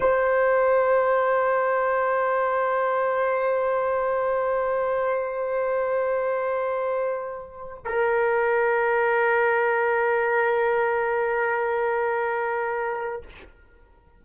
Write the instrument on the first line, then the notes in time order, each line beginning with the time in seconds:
horn
0.00 C5
7.84 A#4